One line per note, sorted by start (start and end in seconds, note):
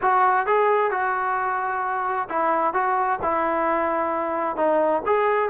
0.01 0.46 F#4
0.46 0.91 G#4
0.91 2.28 F#4
2.29 2.73 E4
2.73 3.19 F#4
3.22 4.56 E4
4.56 5.02 D#4
5.05 5.49 G#4